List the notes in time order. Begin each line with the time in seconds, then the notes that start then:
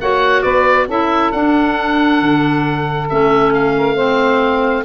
0.00 A#3 F#4 C#5 F#5
0.43 B3 B4 D5
0.88 C#4 E4 A4 E5
1.32 D4 F#5
2.21 D3
3.10 A3 C#4 E5
3.54 F5
3.77 A#4
3.96 C4 C5